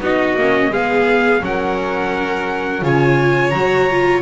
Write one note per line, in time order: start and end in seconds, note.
0.00 0.35 B3
0.00 0.36 D#4
0.00 0.71 F#4
0.00 0.73 D#5
0.35 0.70 A#3
0.35 0.71 C#4
0.70 1.40 G#3
0.70 1.40 B3
0.70 1.41 G#4
0.70 1.43 F5
1.40 2.82 F#3
1.40 2.81 C#4
1.40 2.83 A#4
1.40 2.85 F#5
2.81 3.52 C#3
2.81 3.51 F4
2.81 4.22 C#5
2.81 3.50 G#5
3.50 4.22 F#3
3.50 3.90 F#4
3.50 4.20 A#5
3.90 4.22 F4